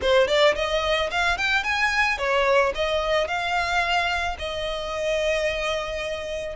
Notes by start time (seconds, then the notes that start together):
0.01 C5
0.27 D5
0.55 D#5
1.11 F5
1.37 G5
1.63 G#5
2.18 C#5
2.74 D#5
3.27 F5
4.38 D#5